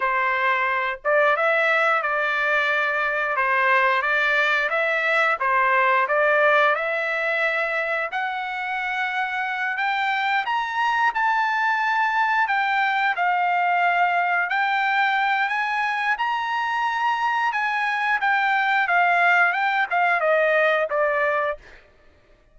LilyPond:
\new Staff \with { instrumentName = "trumpet" } { \time 4/4 \tempo 4 = 89 c''4. d''8 e''4 d''4~ | d''4 c''4 d''4 e''4 | c''4 d''4 e''2 | fis''2~ fis''8 g''4 ais''8~ |
ais''8 a''2 g''4 f''8~ | f''4. g''4. gis''4 | ais''2 gis''4 g''4 | f''4 g''8 f''8 dis''4 d''4 | }